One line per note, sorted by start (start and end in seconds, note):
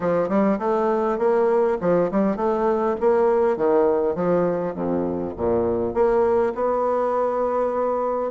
0.00 0.28 F3
0.28 0.58 G3
0.58 1.18 A3
1.18 1.77 A#3
1.80 2.10 F3
2.11 2.36 G3
2.36 2.95 A3
3.00 3.56 A#3
3.56 4.15 D#3
4.15 4.74 F3
4.74 5.33 F2
5.36 5.94 A#2
5.94 6.53 A#3
6.55 8.31 B3